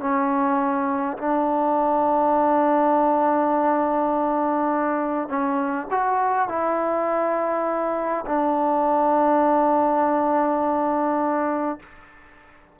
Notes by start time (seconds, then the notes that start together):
0.00 C#4
1.18 D4
5.29 C#4
5.91 F#4
6.48 E4
8.26 D4